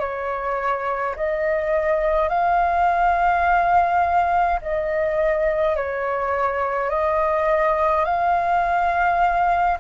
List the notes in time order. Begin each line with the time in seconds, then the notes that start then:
0.00 C#5
1.16 D#5
2.29 F5
4.62 D#5
5.76 C#5
6.90 D#5
8.06 F5